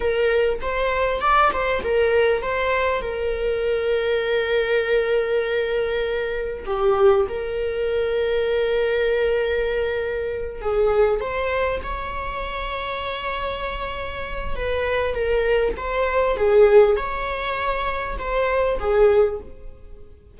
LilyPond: \new Staff \with { instrumentName = "viola" } { \time 4/4 \tempo 4 = 99 ais'4 c''4 d''8 c''8 ais'4 | c''4 ais'2.~ | ais'2. g'4 | ais'1~ |
ais'4. gis'4 c''4 cis''8~ | cis''1 | b'4 ais'4 c''4 gis'4 | cis''2 c''4 gis'4 | }